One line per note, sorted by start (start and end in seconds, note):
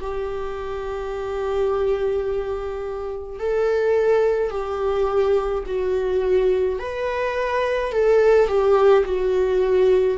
0.00 3.39 G4
3.39 4.51 A4
4.51 5.64 G4
5.66 6.79 F#4
6.79 7.92 B4
7.92 8.48 A4
8.48 9.05 G4
9.05 10.18 F#4